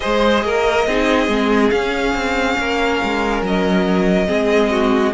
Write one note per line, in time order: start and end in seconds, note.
0.00 0.43 G#3
0.00 0.84 G#4
0.00 0.44 C5
0.00 1.70 D#5
0.43 0.86 A#3
0.43 0.87 A#4
0.86 1.27 C4
0.86 1.28 D#4
0.86 2.58 G#4
1.27 1.70 G#3
1.27 1.71 C4
1.70 4.26 C#4
1.70 2.14 C#4
1.70 3.42 F5
2.14 2.57 C4
2.58 3.01 A#3
2.58 4.27 A#4
3.03 3.42 G#3
3.42 4.27 F#3
3.42 5.13 D#5
4.26 5.13 G#3
4.26 5.12 C4
4.26 4.70 G#4
4.71 5.13 F#4